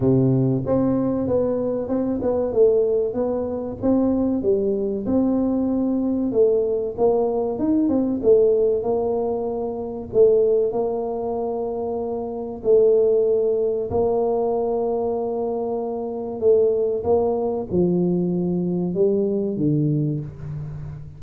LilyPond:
\new Staff \with { instrumentName = "tuba" } { \time 4/4 \tempo 4 = 95 c4 c'4 b4 c'8 b8 | a4 b4 c'4 g4 | c'2 a4 ais4 | dis'8 c'8 a4 ais2 |
a4 ais2. | a2 ais2~ | ais2 a4 ais4 | f2 g4 d4 | }